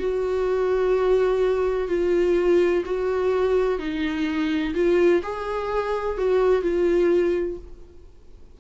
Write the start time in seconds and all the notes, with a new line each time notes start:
0.00 F#4
1.88 F4
2.85 F#4
3.79 D#4
4.74 F4
5.23 G#4
6.18 F#4
6.62 F4